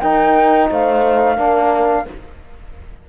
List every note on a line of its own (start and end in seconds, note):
0.00 0.69 D#4
0.00 1.37 D#4
0.00 0.69 A#4
0.00 0.68 G5
0.70 1.37 A3
0.70 1.36 C5
0.70 2.09 F5
1.36 2.05 A#3
1.36 2.05 D4
1.36 2.04 A#4